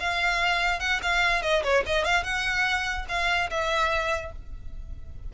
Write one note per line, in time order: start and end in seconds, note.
0.00 0.80 F5
0.80 1.00 F#5
1.03 1.43 F5
1.43 1.63 D#5
1.64 1.84 C#5
1.87 2.05 D#5
2.05 2.24 F5
2.24 3.06 F#5
3.09 3.50 F5
3.50 4.33 E5